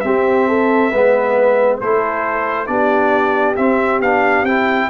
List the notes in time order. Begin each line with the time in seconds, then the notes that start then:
0.00 C4 G4 E5
0.48 A4
0.90 G#3 B3 B4
1.80 A3 E4 A4 C5
2.66 B3 D4 G4 D5
3.56 C4 E5
3.99 B3 D4 F5
4.43 C4 E4 G5